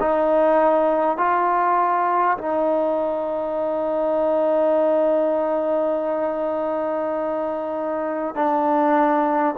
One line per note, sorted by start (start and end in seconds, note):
0.00 1.17 D#4
1.17 2.37 F4
2.38 8.35 D#4
8.35 9.55 D4